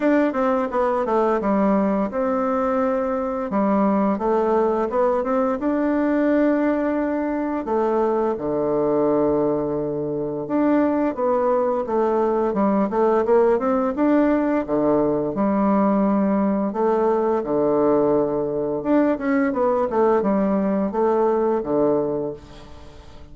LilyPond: \new Staff \with { instrumentName = "bassoon" } { \time 4/4 \tempo 4 = 86 d'8 c'8 b8 a8 g4 c'4~ | c'4 g4 a4 b8 c'8 | d'2. a4 | d2. d'4 |
b4 a4 g8 a8 ais8 c'8 | d'4 d4 g2 | a4 d2 d'8 cis'8 | b8 a8 g4 a4 d4 | }